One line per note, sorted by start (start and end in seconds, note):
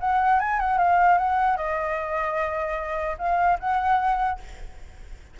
0.00 0.39 F#5
0.39 0.59 G#5
0.59 0.78 F#5
0.78 1.18 F5
1.18 1.57 F#5
1.57 3.17 D#5
3.18 3.58 F5
3.59 4.39 F#5